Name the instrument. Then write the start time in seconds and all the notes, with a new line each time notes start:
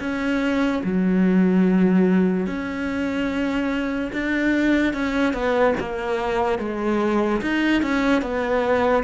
cello
0.00 C#4
0.84 F#3
2.47 C#4
4.12 D4
4.93 C#4
5.33 B3
5.80 A#3
6.59 G#3
7.41 D#4
7.82 C#4
8.22 B3